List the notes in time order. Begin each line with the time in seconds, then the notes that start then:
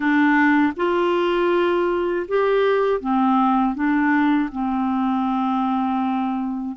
0.00 D4
0.76 F4
2.28 G4
3.00 C4
3.74 D4
4.52 C4